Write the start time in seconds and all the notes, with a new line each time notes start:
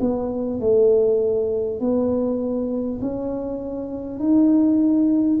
0.00 B3
0.59 A3
1.80 B3
3.01 C#4
4.19 D#4